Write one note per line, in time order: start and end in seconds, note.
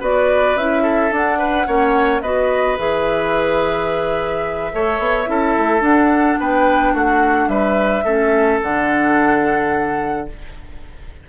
0.00 0.56 B3
0.00 0.57 F#4
0.00 0.83 B4
0.00 0.57 D5
0.56 1.11 C#4
0.56 1.11 E4
0.56 1.13 E5
0.83 1.38 A4
1.11 1.66 D4
1.11 1.67 D4
1.11 2.21 F#5
1.39 1.66 B4
1.66 2.22 A#3
1.66 2.21 C#4
1.66 2.22 C#5
2.21 2.78 B3
2.21 2.78 F#4
2.21 4.72 B4
2.21 2.77 D#5
2.78 4.73 E3
2.78 4.72 G#4
2.78 5.83 E5
4.73 4.99 A3
4.73 5.26 A4
4.73 5.30 C#5
4.99 5.27 B3
5.26 5.56 C#4
5.26 5.80 E4
5.26 6.40 A4
5.57 5.81 A3
5.80 8.02 D4
5.80 6.36 D4
5.80 6.39 F#5
6.40 6.94 B3
6.40 6.93 B4
6.40 6.96 G5
6.93 7.48 A3
6.93 7.49 F#4
6.93 7.49 F#5
7.48 8.04 G3
7.48 8.05 B4
7.48 8.60 E5
8.04 8.60 A3
8.04 8.62 C#4
8.04 10.27 A4
8.62 10.29 D3
8.62 10.29 D4
8.62 10.29 F#5